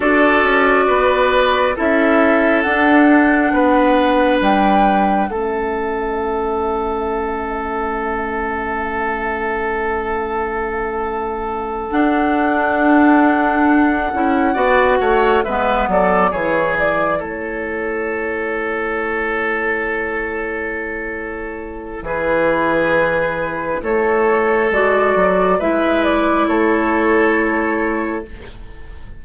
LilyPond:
<<
  \new Staff \with { instrumentName = "flute" } { \time 4/4 \tempo 4 = 68 d''2 e''4 fis''4~ | fis''4 g''4 e''2~ | e''1~ | e''4. fis''2~ fis''8~ |
fis''4. e''8 d''8 cis''8 d''8 cis''8~ | cis''1~ | cis''4 b'2 cis''4 | d''4 e''8 d''8 cis''2 | }
  \new Staff \with { instrumentName = "oboe" } { \time 4/4 a'4 b'4 a'2 | b'2 a'2~ | a'1~ | a'1~ |
a'8 d''8 cis''8 b'8 a'8 gis'4 a'8~ | a'1~ | a'4 gis'2 a'4~ | a'4 b'4 a'2 | }
  \new Staff \with { instrumentName = "clarinet" } { \time 4/4 fis'2 e'4 d'4~ | d'2 cis'2~ | cis'1~ | cis'4. d'2~ d'8 |
e'8 fis'4 b4 e'4.~ | e'1~ | e'1 | fis'4 e'2. | }
  \new Staff \with { instrumentName = "bassoon" } { \time 4/4 d'8 cis'8 b4 cis'4 d'4 | b4 g4 a2~ | a1~ | a4. d'2~ d'8 |
cis'8 b8 a8 gis8 fis8 e4 a8~ | a1~ | a4 e2 a4 | gis8 fis8 gis4 a2 | }
>>